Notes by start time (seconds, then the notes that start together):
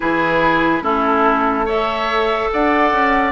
0.00 E3 E4 G#4 B4
0.81 A3 C#4 E4 A4
1.65 A4 C#5 E5
2.52 D4 D5 F#5
2.92 C#4